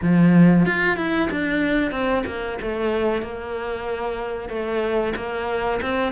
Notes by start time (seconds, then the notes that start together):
0.02 F3
0.65 F4
0.96 E4
1.30 D4
1.91 C4
2.26 A#3
2.61 A3
3.21 A#3
4.49 A3
5.16 A#3
5.81 C4